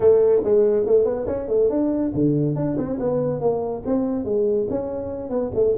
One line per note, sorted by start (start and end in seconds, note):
0.00 0.42 A3
0.44 0.86 G#3
0.86 1.04 A3
1.04 1.26 B3
1.26 1.48 C#4
1.48 1.69 A3
1.69 2.12 D4
2.14 2.55 D3
2.55 2.77 D4
2.77 2.98 C4
2.99 3.40 B3
3.40 3.82 A#3
3.85 4.25 C4
4.25 4.67 G#3
4.70 5.29 C#4
5.29 5.51 B3
5.55 5.76 A3